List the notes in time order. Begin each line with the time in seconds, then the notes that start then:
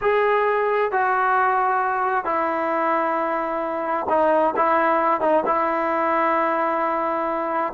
0.01 G#4
0.91 F#4
2.24 E4
4.09 D#4
4.56 E4
5.20 D#4
5.46 E4